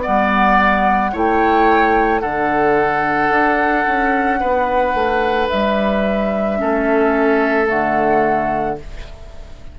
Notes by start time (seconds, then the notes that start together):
0.00 B3 D5
0.06 G3 F#5
1.12 A3 E4 C#5 G5
2.20 D3 D4 A4 F#5
3.30 D4
3.87 C#4
4.40 B3 B4
4.94 A3
5.49 G3 E5
6.57 A3 C#4 A4
7.66 D3 A3 F#5